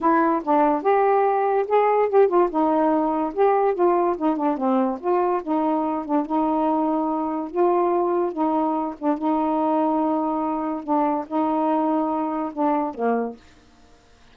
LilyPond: \new Staff \with { instrumentName = "saxophone" } { \time 4/4 \tempo 4 = 144 e'4 d'4 g'2 | gis'4 g'8 f'8 dis'2 | g'4 f'4 dis'8 d'8 c'4 | f'4 dis'4. d'8 dis'4~ |
dis'2 f'2 | dis'4. d'8 dis'2~ | dis'2 d'4 dis'4~ | dis'2 d'4 ais4 | }